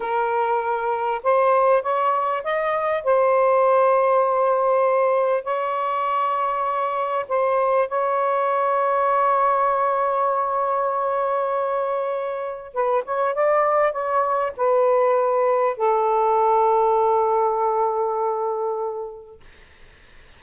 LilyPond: \new Staff \with { instrumentName = "saxophone" } { \time 4/4 \tempo 4 = 99 ais'2 c''4 cis''4 | dis''4 c''2.~ | c''4 cis''2. | c''4 cis''2.~ |
cis''1~ | cis''4 b'8 cis''8 d''4 cis''4 | b'2 a'2~ | a'1 | }